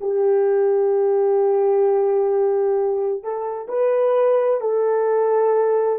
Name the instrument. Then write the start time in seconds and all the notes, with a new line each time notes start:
horn
0.00 G4
3.23 A4
3.68 B4
4.61 A4